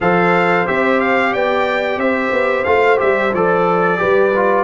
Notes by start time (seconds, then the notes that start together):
0.00 F3 A4 C5 F5
0.65 C4 G4 E5
1.00 F5
1.32 B3 D5 G5
1.97 C4 C5 E5
2.32 B3
2.64 A3 F4 F5
2.97 G3 G4 E5
3.33 F3 A4 D5
3.98 G3 G4 B4
4.35 F4